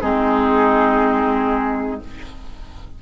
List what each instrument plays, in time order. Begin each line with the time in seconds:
0.00 bassoon G#3, clarinet C4, oboe D#4, flute G#4